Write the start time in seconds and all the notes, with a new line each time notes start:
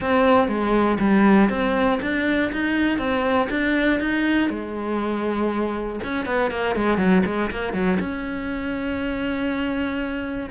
0.00 C4
0.47 G#3
0.99 G3
1.49 C4
2.01 D4
2.52 D#4
2.98 C4
3.50 D4
4.00 D#4
4.49 G#3
6.03 C#4
6.25 B3
6.50 A#3
6.75 G#3
6.97 F#3
7.25 G#3
7.50 A#3
7.73 F#3
7.99 C#4